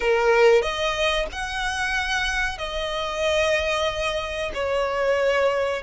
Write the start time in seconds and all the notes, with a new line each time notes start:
0.00 A#4
0.62 D#5
1.32 F#5
2.57 D#5
4.53 C#5